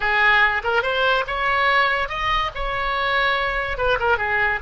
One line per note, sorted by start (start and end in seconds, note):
0.00 0.62 G#4
0.63 0.82 A#4
0.82 1.24 C5
1.27 2.08 C#5
2.08 2.50 D#5
2.54 3.77 C#5
3.77 3.98 B4
3.99 4.17 A#4
4.17 4.59 G#4